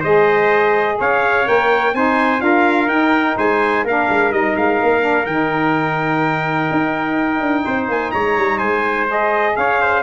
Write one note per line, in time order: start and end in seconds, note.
0.00 1.00 G#3
0.00 1.45 G#4
0.00 0.95 C5
0.00 0.99 D#5
0.99 1.48 C#4
0.99 1.95 C#5
0.99 1.48 F5
1.45 1.93 A#3
1.45 1.93 A#4
1.45 1.95 G5
1.93 2.41 C4
1.93 2.39 D#4
1.93 2.43 C5
1.93 2.41 G#5
2.39 2.87 D4
2.39 2.87 F4
2.39 3.37 A#4
2.39 2.88 F5
2.87 3.35 D#4
2.87 3.86 D#4
2.87 3.36 G5
3.37 3.84 G#3
3.37 3.85 C5
3.37 3.86 G#5
3.84 4.07 A#3
3.84 4.32 D4
3.84 7.64 A#4
3.84 4.32 F5
4.09 4.30 G#3
4.30 4.54 G3
4.30 5.00 D#4
4.30 4.56 D#5
4.56 4.80 G#3
4.56 5.26 F5
4.82 5.26 A#3
5.00 5.24 D4
5.26 6.69 D#3
5.26 9.07 D#4
5.26 7.88 G5
6.71 7.40 D#4
7.40 7.64 D4
7.64 7.88 C4
7.64 8.12 C5
7.88 8.12 A#3
7.88 8.11 G#5
8.11 8.37 G#3
8.11 8.58 C#5
8.11 8.58 A#5
8.37 8.61 G3
8.58 9.57 G#3
8.58 9.53 C5
8.58 9.06 G#5
9.07 10.02 G#4
9.07 9.56 D#5
9.56 10.03 C#4
9.56 9.81 C#5
9.56 10.03 F5
9.81 10.03 C5